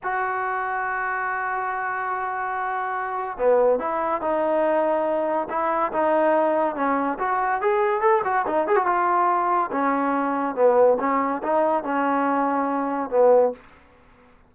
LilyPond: \new Staff \with { instrumentName = "trombone" } { \time 4/4 \tempo 4 = 142 fis'1~ | fis'1 | b4 e'4 dis'2~ | dis'4 e'4 dis'2 |
cis'4 fis'4 gis'4 a'8 fis'8 | dis'8 gis'16 fis'16 f'2 cis'4~ | cis'4 b4 cis'4 dis'4 | cis'2. b4 | }